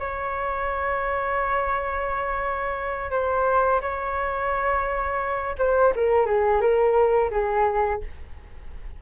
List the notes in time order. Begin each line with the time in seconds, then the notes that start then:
0.00 C#5
3.11 C5
3.82 C#5
5.59 C5
5.96 A#4
6.26 G#4
6.61 A#4
7.31 G#4